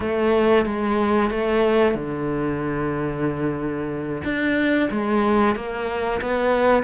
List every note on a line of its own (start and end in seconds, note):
0.00 0.65 A3
0.65 1.30 G#3
1.30 1.94 A3
1.94 4.22 D3
4.24 4.89 D4
4.90 5.55 G#3
5.55 6.20 A#3
6.21 6.83 B3